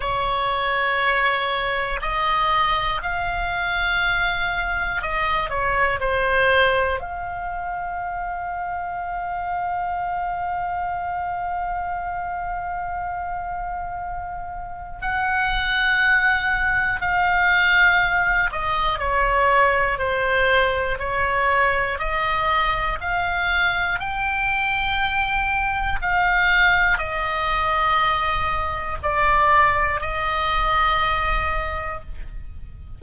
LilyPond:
\new Staff \with { instrumentName = "oboe" } { \time 4/4 \tempo 4 = 60 cis''2 dis''4 f''4~ | f''4 dis''8 cis''8 c''4 f''4~ | f''1~ | f''2. fis''4~ |
fis''4 f''4. dis''8 cis''4 | c''4 cis''4 dis''4 f''4 | g''2 f''4 dis''4~ | dis''4 d''4 dis''2 | }